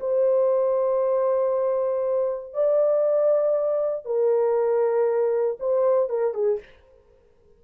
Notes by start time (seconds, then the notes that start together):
0.00 C5
2.54 D5
4.05 A#4
5.60 C5
6.09 A#4
6.34 G#4